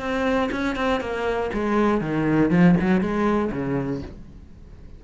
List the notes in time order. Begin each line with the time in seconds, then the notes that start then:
0.00 C4
0.52 C#4
0.76 C4
1.01 A#3
1.53 G#3
2.01 D#3
2.51 F3
2.80 F#3
3.01 G#3
3.52 C#3